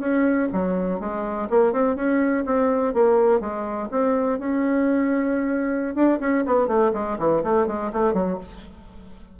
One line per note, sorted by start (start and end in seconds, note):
0.00 0.48 C#4
0.53 1.00 F#3
1.00 1.48 G#3
1.50 1.73 A#3
1.73 1.96 C4
1.96 2.44 C#4
2.46 2.94 C4
2.94 3.40 A#3
3.40 3.89 G#3
3.91 4.39 C4
4.39 5.95 C#4
5.95 6.19 D4
6.20 6.44 C#4
6.47 6.68 B3
6.68 6.92 A3
6.94 7.18 G#3
7.19 7.43 E3
7.44 7.67 A3
7.67 7.92 G#3
7.93 8.14 A3
8.14 8.38 F#3